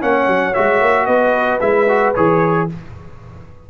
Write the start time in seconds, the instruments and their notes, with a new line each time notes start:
0.00 tuba A#3, trombone C#4, horn C#5, trumpet F#5
0.27 tuba F#3
0.54 tuba G#3, trombone F#4, trumpet E5
0.81 tuba A#3
1.06 tuba B3, horn B4, trumpet D#5
1.60 tuba G#3, trombone E4, trumpet E5
1.88 trombone F#4
2.14 tuba E3, trombone G#4, trumpet C#5